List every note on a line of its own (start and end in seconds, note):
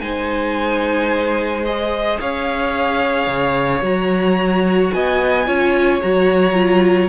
0.00 2.18 G#3
0.00 1.65 D#4
0.00 2.21 C5
0.00 1.64 G#5
1.65 3.82 G#4
1.65 2.19 D#5
2.20 3.27 C#4
2.20 4.93 C#5
2.20 3.84 F5
3.27 3.81 C#3
3.82 4.91 F#3
3.82 5.45 F#4
3.82 4.93 A#5
4.93 5.47 B3
4.93 5.47 D#5
4.93 6.02 G#5
5.46 6.02 C#4
5.46 6.01 F4
5.46 7.09 C#5
6.02 7.09 F#3
6.02 6.53 F#4
6.02 7.09 A#5
6.53 7.08 F4